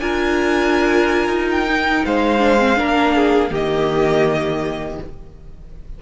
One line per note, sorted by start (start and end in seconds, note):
0.00 1.27 D4
0.00 1.67 F4
0.00 2.05 A#4
0.00 1.48 G#5
1.27 2.01 D#4
1.51 2.06 G5
1.68 2.40 D#4
2.05 2.79 G#3
2.05 2.79 C5
2.05 3.54 F5
2.40 2.58 D4
2.58 2.76 C4
2.76 3.50 A#3
2.76 3.50 D4
2.76 3.16 A#4
3.16 3.51 G#4
3.50 4.98 D#3
3.50 4.99 A#3
3.50 4.99 G4
3.50 5.02 D#5